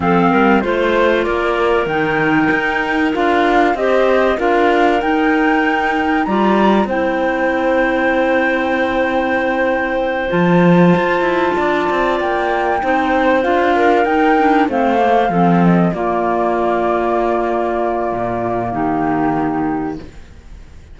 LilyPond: <<
  \new Staff \with { instrumentName = "flute" } { \time 4/4 \tempo 4 = 96 f''4 c''4 d''4 g''4~ | g''4 f''4 dis''4 f''4 | g''2 ais''4 g''4~ | g''1~ |
g''8 a''2. g''8~ | g''4. f''4 g''4 f''8~ | f''4 dis''8 d''2~ d''8~ | d''2 g'2 | }
  \new Staff \with { instrumentName = "clarinet" } { \time 4/4 a'8 ais'8 c''4 ais'2~ | ais'2 c''4 ais'4~ | ais'2 d''4 c''4~ | c''1~ |
c''2~ c''8 d''4.~ | d''8 c''4. ais'4. c''8~ | c''8 a'4 f'2~ f'8~ | f'2 dis'2 | }
  \new Staff \with { instrumentName = "clarinet" } { \time 4/4 c'4 f'2 dis'4~ | dis'4 f'4 g'4 f'4 | dis'2 f'4 e'4~ | e'1~ |
e'8 f'2.~ f'8~ | f'8 dis'4 f'4 dis'8 d'8 c'8 | ais8 c'4 ais2~ ais8~ | ais1 | }
  \new Staff \with { instrumentName = "cello" } { \time 4/4 f8 g8 a4 ais4 dis4 | dis'4 d'4 c'4 d'4 | dis'2 g4 c'4~ | c'1~ |
c'8 f4 f'8 e'8 d'8 c'8 ais8~ | ais8 c'4 d'4 dis'4 a8~ | a8 f4 ais2~ ais8~ | ais4 ais,4 dis2 | }
>>